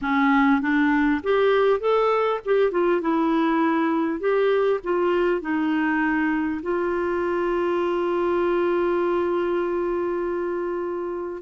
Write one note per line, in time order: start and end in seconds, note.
0.01 0.61 C#4
0.61 1.21 D4
1.23 1.79 G4
1.79 2.39 A4
2.45 2.71 G4
2.71 3.01 F4
3.01 4.20 E4
4.20 4.80 G4
4.83 5.41 F4
5.41 6.61 D#4
6.62 11.42 F4